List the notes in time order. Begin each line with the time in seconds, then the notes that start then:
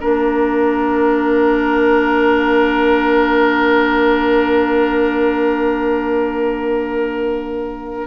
0.00 A#3 D4 A#4 F5